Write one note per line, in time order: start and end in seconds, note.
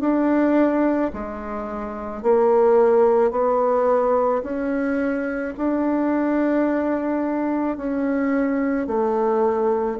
0.00 1.11 D4
1.13 2.22 G#3
2.22 3.31 A#3
3.31 4.42 B3
4.43 5.54 C#4
5.57 7.77 D4
7.77 8.87 C#4
8.87 9.98 A3